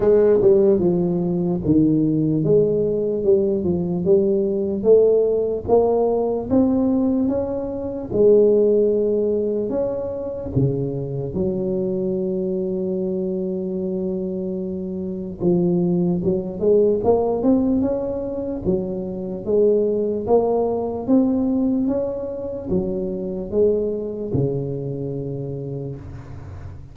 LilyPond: \new Staff \with { instrumentName = "tuba" } { \time 4/4 \tempo 4 = 74 gis8 g8 f4 dis4 gis4 | g8 f8 g4 a4 ais4 | c'4 cis'4 gis2 | cis'4 cis4 fis2~ |
fis2. f4 | fis8 gis8 ais8 c'8 cis'4 fis4 | gis4 ais4 c'4 cis'4 | fis4 gis4 cis2 | }